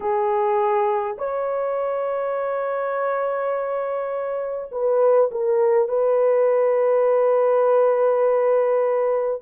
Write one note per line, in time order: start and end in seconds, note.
0.00 1.17 G#4
1.18 4.71 C#5
4.71 5.30 B4
5.31 5.88 A#4
5.88 9.41 B4